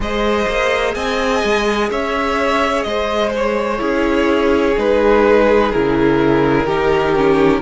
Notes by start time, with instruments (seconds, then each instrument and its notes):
0.00 cello G#3, viola G#4, violin C5 D#5
0.47 cello A#3
0.94 cello C4, violin D#5 G#5
1.43 cello G#3
1.90 cello C#4, violin C#5 E5
2.82 cello G#3, violin C5 D#5
3.36 violin C#5
3.78 cello C#4, viola E4, violin G#4
4.77 cello G#3, viola D#4, violin B4
5.71 cello C#3, viola E4, violin A#4
6.64 cello D#3, viola D#4, violin G4
7.15 viola C#4